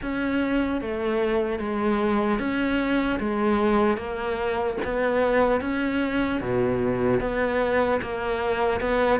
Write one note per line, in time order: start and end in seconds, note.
0.02 0.81 C#4
0.81 1.59 A3
1.59 2.39 G#3
2.39 3.19 C#4
3.19 3.97 G#3
3.97 4.77 A#3
4.84 5.60 B3
5.60 6.40 C#4
6.40 7.20 B2
7.20 8.00 B3
8.01 8.80 A#3
8.80 9.20 B3